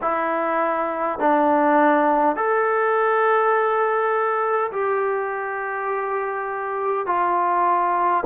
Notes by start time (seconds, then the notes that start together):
0.01 E4
1.19 D4
2.35 A4
4.71 G4
7.06 F4